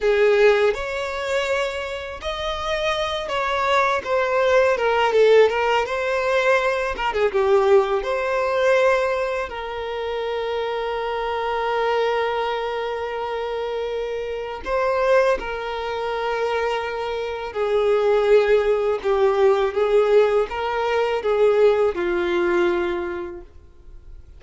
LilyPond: \new Staff \with { instrumentName = "violin" } { \time 4/4 \tempo 4 = 82 gis'4 cis''2 dis''4~ | dis''8 cis''4 c''4 ais'8 a'8 ais'8 | c''4. ais'16 gis'16 g'4 c''4~ | c''4 ais'2.~ |
ais'1 | c''4 ais'2. | gis'2 g'4 gis'4 | ais'4 gis'4 f'2 | }